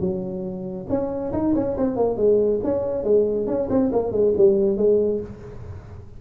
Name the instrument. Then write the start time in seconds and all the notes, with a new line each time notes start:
tuba
0.00 F#3
0.89 C#4
1.32 D#4
1.55 C#4
1.77 C4
1.96 A#3
2.17 G#3
2.63 C#4
3.04 G#3
3.46 C#4
3.69 C4
3.92 A#3
4.12 G#3
4.37 G3
4.77 G#3